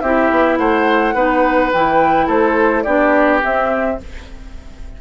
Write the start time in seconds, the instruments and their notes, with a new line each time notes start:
0.00 bassoon C4, clarinet E4, oboe G4, flute E5
0.30 bassoon B3
0.58 bassoon A3, oboe C5, flute F#5
1.13 bassoon B3, clarinet D#4, oboe B4
1.72 bassoon E3, clarinet E4, flute G5
2.26 bassoon A3, oboe A4, flute C5
2.82 bassoon B3, clarinet D4, oboe G4, flute D5
3.41 clarinet C4, bassoon C4, flute E5